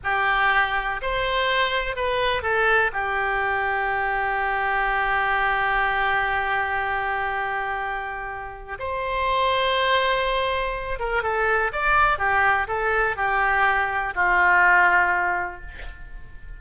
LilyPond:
\new Staff \with { instrumentName = "oboe" } { \time 4/4 \tempo 4 = 123 g'2 c''2 | b'4 a'4 g'2~ | g'1~ | g'1~ |
g'2 c''2~ | c''2~ c''8 ais'8 a'4 | d''4 g'4 a'4 g'4~ | g'4 f'2. | }